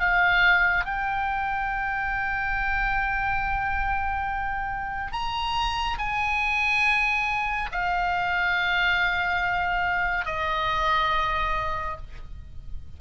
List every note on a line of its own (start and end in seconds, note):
0.00 0.85 F5
0.85 5.12 G5
5.12 5.98 A#5
5.98 7.70 G#5
7.72 10.26 F5
10.26 11.97 D#5